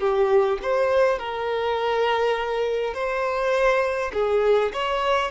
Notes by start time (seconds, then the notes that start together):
0.00 G4
0.62 C5
1.19 A#4
2.94 C5
4.13 G#4
4.73 C#5